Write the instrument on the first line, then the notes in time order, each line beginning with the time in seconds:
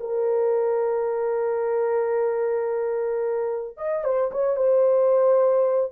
horn
0.00 A#4
3.77 D#5
4.04 C5
4.32 C#5
4.57 C5